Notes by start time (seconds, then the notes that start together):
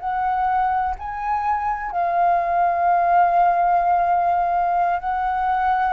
0.00 F#5
0.99 G#5
1.92 F5
5.00 F#5